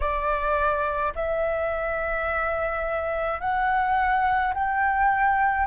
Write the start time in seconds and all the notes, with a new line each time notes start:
0.00 D5
1.15 E5
3.40 F#5
4.54 G5